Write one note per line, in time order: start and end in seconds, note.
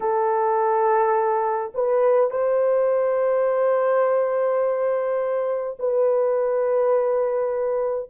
0.00 1.72 A4
1.74 2.30 B4
2.30 5.76 C5
5.78 8.09 B4